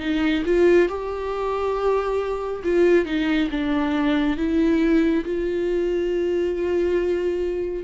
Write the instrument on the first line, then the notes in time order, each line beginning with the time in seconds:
viola
0.00 D#4
0.46 F4
0.89 G4
2.64 F4
3.06 D#4
3.51 D4
4.37 E4
5.25 F4